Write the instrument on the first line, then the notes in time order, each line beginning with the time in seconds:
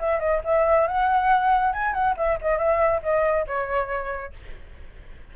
flute
0.00 E5
0.20 D#5
0.45 E5
0.88 F#5
1.73 G#5
1.94 F#5
2.18 E5
2.42 D#5
2.59 E5
3.03 D#5
3.47 C#5